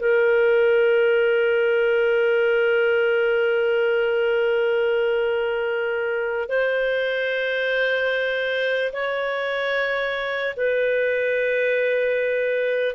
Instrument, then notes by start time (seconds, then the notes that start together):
clarinet
0.00 A#4
6.49 C5
8.93 C#5
10.56 B4